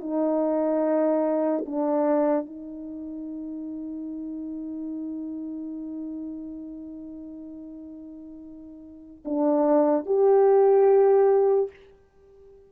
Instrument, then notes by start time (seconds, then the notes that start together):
horn
0.00 D#4
1.66 D4
2.45 D#4
9.25 D4
10.06 G4